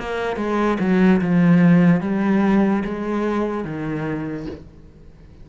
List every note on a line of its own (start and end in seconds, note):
0.00 0.37 A#3
0.37 0.78 G#3
0.80 1.21 F#3
1.22 2.01 F3
2.01 2.84 G3
2.85 3.65 G#3
3.65 4.47 D#3